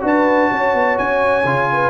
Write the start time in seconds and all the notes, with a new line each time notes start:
0.00 D4 F#4 B4
0.07 A5
0.50 C#4 C#5
0.74 B3
0.98 C#4 G#5
1.44 C#3 F4
1.73 B4